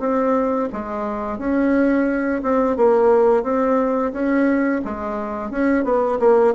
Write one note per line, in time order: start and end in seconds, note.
0.00 0.69 C4
0.73 1.39 G#3
1.39 2.42 C#4
2.43 2.77 C4
2.77 3.43 A#3
3.43 4.12 C4
4.13 4.82 C#4
4.85 5.51 G#3
5.51 5.84 C#4
5.84 6.19 B3
6.19 6.54 A#3